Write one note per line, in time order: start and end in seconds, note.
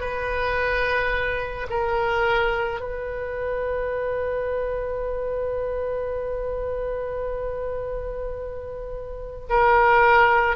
0.00 1.67 B4
1.69 2.80 A#4
2.80 9.46 B4
9.49 10.56 A#4